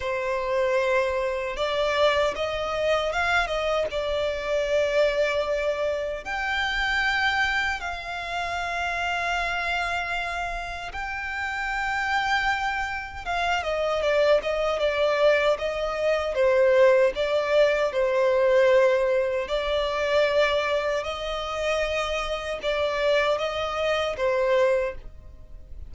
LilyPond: \new Staff \with { instrumentName = "violin" } { \time 4/4 \tempo 4 = 77 c''2 d''4 dis''4 | f''8 dis''8 d''2. | g''2 f''2~ | f''2 g''2~ |
g''4 f''8 dis''8 d''8 dis''8 d''4 | dis''4 c''4 d''4 c''4~ | c''4 d''2 dis''4~ | dis''4 d''4 dis''4 c''4 | }